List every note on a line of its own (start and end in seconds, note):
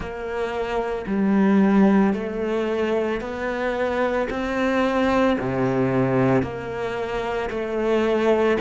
0.00 1.05 A#3
1.07 2.13 G3
2.13 3.20 A3
3.20 4.28 B3
4.30 5.37 C4
5.39 6.42 C3
6.42 7.49 A#3
7.50 8.57 A3